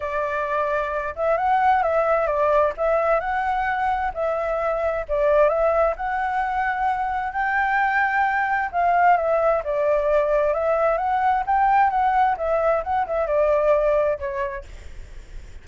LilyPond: \new Staff \with { instrumentName = "flute" } { \time 4/4 \tempo 4 = 131 d''2~ d''8 e''8 fis''4 | e''4 d''4 e''4 fis''4~ | fis''4 e''2 d''4 | e''4 fis''2. |
g''2. f''4 | e''4 d''2 e''4 | fis''4 g''4 fis''4 e''4 | fis''8 e''8 d''2 cis''4 | }